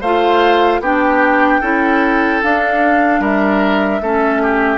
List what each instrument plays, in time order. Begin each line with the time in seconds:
0.00 bassoon A3, clarinet F4, oboe C5, flute F5
0.80 bassoon B3, clarinet D4, oboe G4, flute G5
1.60 bassoon C#4, clarinet E4, oboe A4
2.42 clarinet D4, bassoon D4, flute F5
3.20 bassoon G3, oboe A#4, flute E5
4.01 bassoon A3, clarinet C#4, oboe A4
4.42 oboe G4